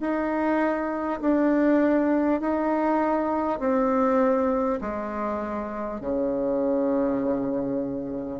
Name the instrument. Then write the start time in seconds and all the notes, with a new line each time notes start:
bassoon
0.00 D#4
1.21 D4
2.40 D#4
3.59 C4
4.81 G#3
6.00 C#3